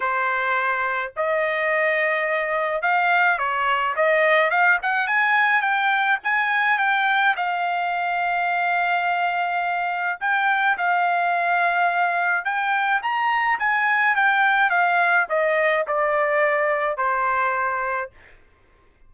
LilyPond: \new Staff \with { instrumentName = "trumpet" } { \time 4/4 \tempo 4 = 106 c''2 dis''2~ | dis''4 f''4 cis''4 dis''4 | f''8 fis''8 gis''4 g''4 gis''4 | g''4 f''2.~ |
f''2 g''4 f''4~ | f''2 g''4 ais''4 | gis''4 g''4 f''4 dis''4 | d''2 c''2 | }